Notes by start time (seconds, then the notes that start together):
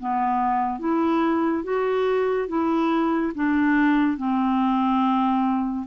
0.00 B3
0.80 E4
1.64 F#4
2.48 E4
3.35 D4
4.17 C4